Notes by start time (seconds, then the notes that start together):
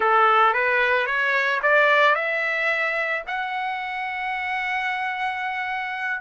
0.00 A4
0.53 B4
1.06 C#5
1.62 D5
2.15 E5
3.27 F#5